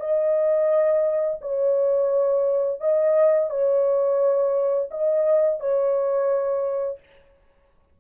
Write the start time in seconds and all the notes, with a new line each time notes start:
0.00 D#5
1.41 C#5
2.81 D#5
3.50 C#5
4.91 D#5
5.60 C#5